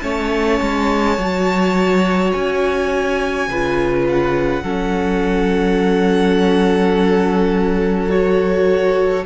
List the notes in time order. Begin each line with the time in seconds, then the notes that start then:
0.00 A3 C#4 C#5 A5
0.61 G#3
1.18 F#3 F#4
2.32 C#4 G#5
3.48 C#3 F4 B4
4.09 F#5
4.63 F#3 C#4 A4
8.10 F#4 C#5